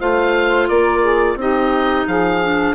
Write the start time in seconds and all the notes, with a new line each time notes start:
0.00 A3 F4 C5 F5
0.69 A#3 A#4 D5
1.02 G#4
1.36 C4 D#4 G4 D#5
2.07 F3 G#4 F5
2.43 D4